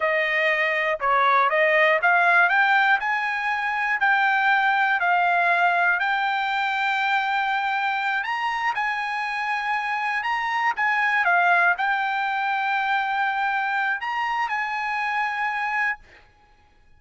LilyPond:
\new Staff \with { instrumentName = "trumpet" } { \time 4/4 \tempo 4 = 120 dis''2 cis''4 dis''4 | f''4 g''4 gis''2 | g''2 f''2 | g''1~ |
g''8 ais''4 gis''2~ gis''8~ | gis''8 ais''4 gis''4 f''4 g''8~ | g''1 | ais''4 gis''2. | }